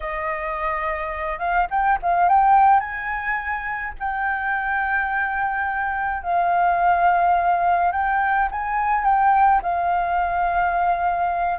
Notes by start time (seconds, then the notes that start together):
0.00 D#5
1.39 F5
1.70 G5
2.02 F5
2.28 G5
2.80 G#5
3.99 G5
6.22 F5
7.92 G5
8.51 G#5
9.04 G5
9.62 F5